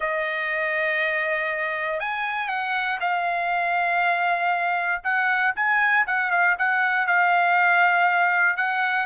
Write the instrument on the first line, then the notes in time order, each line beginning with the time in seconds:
trumpet
0.00 D#5
1.99 G#5
2.48 F#5
3.00 F5
5.03 F#5
5.55 G#5
6.06 F#5
6.30 F5
6.58 F#5
7.06 F5
8.56 F#5